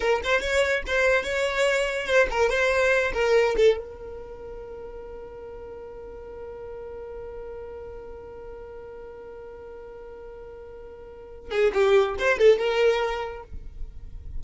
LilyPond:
\new Staff \with { instrumentName = "violin" } { \time 4/4 \tempo 4 = 143 ais'8 c''8 cis''4 c''4 cis''4~ | cis''4 c''8 ais'8 c''4. ais'8~ | ais'8 a'8 ais'2.~ | ais'1~ |
ais'1~ | ais'1~ | ais'2.~ ais'8 gis'8 | g'4 c''8 a'8 ais'2 | }